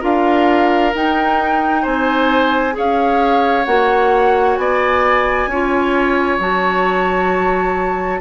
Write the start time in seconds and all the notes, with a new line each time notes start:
0.00 D4 F4 A#4 F5
0.95 D#4 G5
1.83 C4 C5 G#5
2.73 C#4 G#4 C#5 F5
3.66 A#3 F#4 F#5
4.56 B3 D5 G#5
5.47 C#4 F4 C#5
6.39 F#3 F#4 A5